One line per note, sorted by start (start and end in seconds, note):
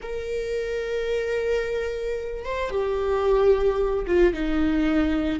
0.02 2.44 A#4
2.44 2.70 C5
2.70 4.05 G4
4.06 4.33 F4
4.33 5.39 D#4